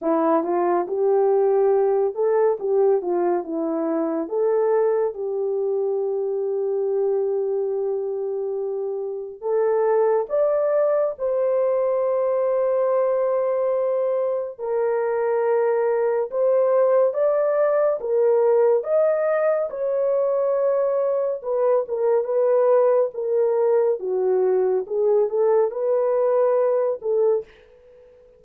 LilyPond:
\new Staff \with { instrumentName = "horn" } { \time 4/4 \tempo 4 = 70 e'8 f'8 g'4. a'8 g'8 f'8 | e'4 a'4 g'2~ | g'2. a'4 | d''4 c''2.~ |
c''4 ais'2 c''4 | d''4 ais'4 dis''4 cis''4~ | cis''4 b'8 ais'8 b'4 ais'4 | fis'4 gis'8 a'8 b'4. a'8 | }